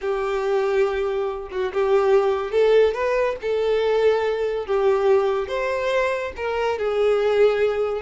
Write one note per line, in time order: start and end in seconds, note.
0.01 1.48 G4
1.51 1.72 F#4
1.73 2.51 G4
2.51 2.93 A4
2.93 3.36 B4
3.41 4.66 A4
4.66 5.47 G4
5.47 6.32 C5
6.36 6.78 A#4
6.78 8.01 G#4